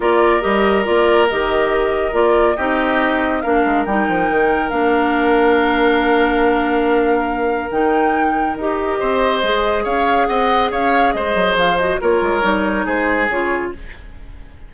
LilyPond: <<
  \new Staff \with { instrumentName = "flute" } { \time 4/4 \tempo 4 = 140 d''4 dis''4 d''4 dis''4~ | dis''4 d''4 dis''2 | f''4 g''2 f''4~ | f''1~ |
f''2 g''2 | dis''2. f''4 | fis''4 f''4 dis''4 f''8 dis''8 | cis''2 c''4 cis''4 | }
  \new Staff \with { instrumentName = "oboe" } { \time 4/4 ais'1~ | ais'2 g'2 | ais'1~ | ais'1~ |
ais'1~ | ais'4 c''2 cis''4 | dis''4 cis''4 c''2 | ais'2 gis'2 | }
  \new Staff \with { instrumentName = "clarinet" } { \time 4/4 f'4 g'4 f'4 g'4~ | g'4 f'4 dis'2 | d'4 dis'2 d'4~ | d'1~ |
d'2 dis'2 | g'2 gis'2~ | gis'2.~ gis'8 fis'8 | f'4 dis'2 f'4 | }
  \new Staff \with { instrumentName = "bassoon" } { \time 4/4 ais4 g4 ais4 dis4~ | dis4 ais4 c'2 | ais8 gis8 g8 f8 dis4 ais4~ | ais1~ |
ais2 dis2 | dis'4 c'4 gis4 cis'4 | c'4 cis'4 gis8 fis8 f4 | ais8 gis8 g4 gis4 cis4 | }
>>